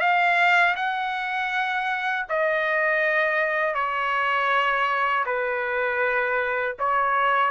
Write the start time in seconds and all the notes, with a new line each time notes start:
0.00 F5
0.76 F#5
2.29 D#5
3.75 C#5
5.26 B4
6.79 C#5